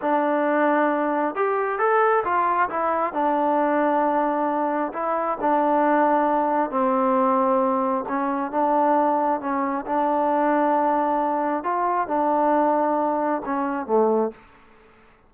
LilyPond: \new Staff \with { instrumentName = "trombone" } { \time 4/4 \tempo 4 = 134 d'2. g'4 | a'4 f'4 e'4 d'4~ | d'2. e'4 | d'2. c'4~ |
c'2 cis'4 d'4~ | d'4 cis'4 d'2~ | d'2 f'4 d'4~ | d'2 cis'4 a4 | }